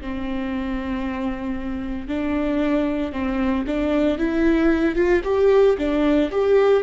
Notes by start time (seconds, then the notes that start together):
0.00 C4
2.08 D4
3.12 C4
3.66 D4
4.18 E4
4.95 F4
5.24 G4
5.78 D4
6.31 G4